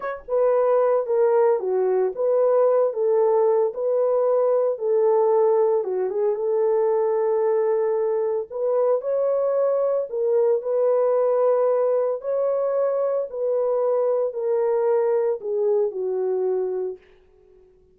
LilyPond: \new Staff \with { instrumentName = "horn" } { \time 4/4 \tempo 4 = 113 cis''8 b'4. ais'4 fis'4 | b'4. a'4. b'4~ | b'4 a'2 fis'8 gis'8 | a'1 |
b'4 cis''2 ais'4 | b'2. cis''4~ | cis''4 b'2 ais'4~ | ais'4 gis'4 fis'2 | }